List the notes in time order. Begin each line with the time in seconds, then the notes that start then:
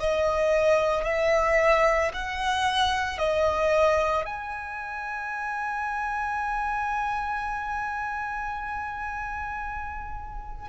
0.00 D#5
1.05 E5
2.14 F#5
3.19 D#5
4.26 G#5